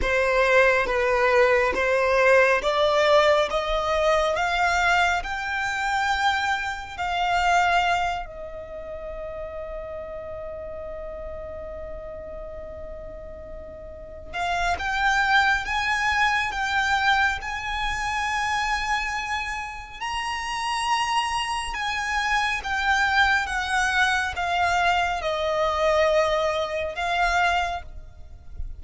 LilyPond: \new Staff \with { instrumentName = "violin" } { \time 4/4 \tempo 4 = 69 c''4 b'4 c''4 d''4 | dis''4 f''4 g''2 | f''4. dis''2~ dis''8~ | dis''1~ |
dis''8 f''8 g''4 gis''4 g''4 | gis''2. ais''4~ | ais''4 gis''4 g''4 fis''4 | f''4 dis''2 f''4 | }